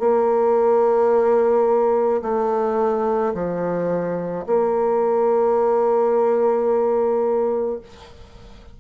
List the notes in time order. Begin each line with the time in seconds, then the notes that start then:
0.00 A#3
2.22 A3
3.34 F3
4.47 A#3